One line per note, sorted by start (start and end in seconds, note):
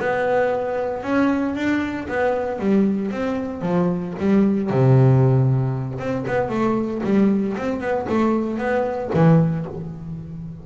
0.00 1.03 B3
1.03 1.55 C#4
1.56 2.08 D4
2.08 2.60 B3
2.60 3.11 G3
3.11 3.62 C4
3.62 4.14 F3
4.20 4.71 G3
4.71 5.99 C3
5.99 6.25 C4
6.28 6.50 B3
6.50 7.02 A3
7.04 7.56 G3
7.58 7.81 C4
7.81 8.07 B3
8.09 8.58 A3
8.58 9.10 B3
9.14 9.66 E3